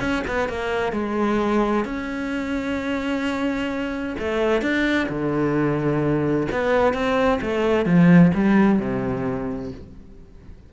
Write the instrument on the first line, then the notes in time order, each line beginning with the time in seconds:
cello
0.00 C#4
0.27 B3
0.49 A#3
0.93 G#3
1.85 C#4
4.19 A3
4.62 D4
5.09 D3
6.52 B3
6.94 C4
7.42 A3
7.86 F3
8.35 G3
8.79 C3